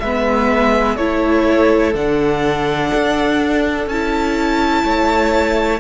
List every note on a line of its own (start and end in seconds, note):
0.00 0.98 G#3
0.00 0.99 B3
0.00 0.97 B4
0.00 0.97 E5
0.97 1.94 A3
0.97 1.94 E4
0.97 4.84 A4
0.97 1.93 C#5
1.94 2.91 D3
1.94 3.88 D4
1.94 3.89 F#5
2.94 3.86 D4
3.86 4.83 C#4
3.86 5.80 E4
3.86 5.80 A5
4.84 5.80 A3
4.84 5.80 C#5